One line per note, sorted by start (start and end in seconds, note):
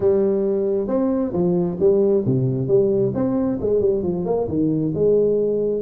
0.00 0.87 G3
0.87 1.32 C4
1.32 1.77 F3
1.79 2.24 G3
2.25 2.67 C3
2.67 3.12 G3
3.14 3.59 C4
3.60 3.80 G#3
3.80 4.02 G3
4.02 4.25 F3
4.25 4.47 A#3
4.48 4.93 D#3
4.94 5.82 G#3